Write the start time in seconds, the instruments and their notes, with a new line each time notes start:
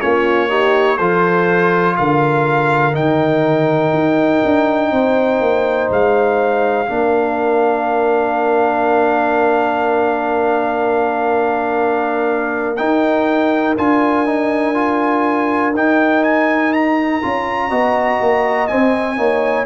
0.00 tuba A#3, trombone C#4, horn F4, trumpet C#5
0.49 trombone D#4, horn G4
0.97 tuba F3, trombone F4, horn A4, trumpet C5
1.96 tuba D3, horn A#4, trumpet F5
2.92 tuba D#3, trombone D#4, trumpet G5
3.93 tuba D#4
4.44 tuba D4
4.91 tuba C4, horn C5
5.40 tuba A#3
5.90 tuba G#3, trumpet F5
6.86 tuba A#3, trombone D4, horn A#4
12.76 trombone D#4, tuba D#4, trumpet G5
13.77 tuba D4, trombone F4, trumpet G#5
14.25 trombone D#4
14.74 trombone F4
15.73 tuba D#4, trombone D#4, trumpet G5
16.23 trumpet G#5
16.73 trumpet A#5
17.22 tuba C#4, trombone F4
17.68 tuba B3, trombone F#4, horn D#5
18.20 tuba A#3
18.67 trombone C4, tuba C4, trumpet G#5
19.17 tuba A#3, trombone D#4, horn C#5